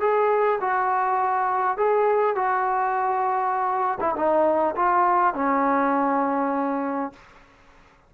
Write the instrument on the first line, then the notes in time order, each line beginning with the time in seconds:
trombone
0.00 G#4
0.61 F#4
1.77 G#4
2.35 F#4
4.00 E4
4.16 D#4
4.76 F4
5.34 C#4